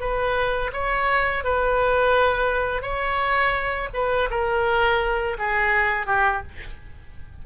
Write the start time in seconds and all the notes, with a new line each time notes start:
0.00 B4
0.73 C#5
1.44 B4
2.82 C#5
3.94 B4
4.30 A#4
5.38 G#4
6.06 G4